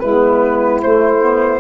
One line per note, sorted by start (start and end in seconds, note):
0.00 0.83 G#3
0.00 0.83 B3
0.00 1.60 E4
0.00 0.80 B4
0.82 1.21 A3
0.82 1.60 A3
0.82 1.60 C5
1.21 1.60 B3